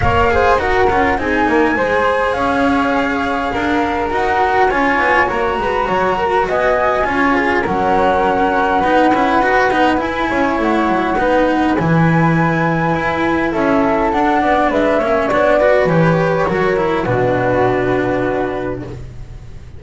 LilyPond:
<<
  \new Staff \with { instrumentName = "flute" } { \time 4/4 \tempo 4 = 102 f''4 fis''4 gis''2 | f''2. fis''4 | gis''4 ais''2 gis''4~ | gis''4 fis''2.~ |
fis''4 gis''4 fis''2 | gis''2. e''4 | fis''4 e''4 d''4 cis''4~ | cis''4 b'2. | }
  \new Staff \with { instrumentName = "flute" } { \time 4/4 cis''8 c''8 ais'4 gis'8 ais'8 c''4 | cis''2 ais'2 | cis''4. b'8 cis''8 ais'8 dis''4 | cis''8 gis'8 ais'2 b'4~ |
b'4. cis''4. b'4~ | b'2. a'4~ | a'8 d''8 b'8 cis''4 b'4. | ais'4 fis'2. | }
  \new Staff \with { instrumentName = "cello" } { \time 4/4 ais'8 gis'8 fis'8 f'8 dis'4 gis'4~ | gis'2. fis'4 | f'4 fis'2. | f'4 cis'2 dis'8 e'8 |
fis'8 dis'8 e'2 dis'4 | e'1 | d'4. cis'8 d'8 fis'8 g'4 | fis'8 e'8 d'2. | }
  \new Staff \with { instrumentName = "double bass" } { \time 4/4 ais4 dis'8 cis'8 c'8 ais8 gis4 | cis'2 d'4 dis'4 | cis'8 b8 ais8 gis8 fis4 b4 | cis'4 fis2 b8 cis'8 |
dis'8 b8 e'8 cis'8 a8 fis8 b4 | e2 e'4 cis'4 | d'8 b8 gis8 ais8 b4 e4 | fis4 b,2. | }
>>